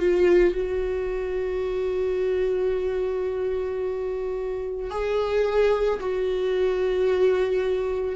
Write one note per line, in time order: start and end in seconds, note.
0.00 0.55 F4
0.55 4.91 F#4
4.91 6.00 G#4
6.00 8.16 F#4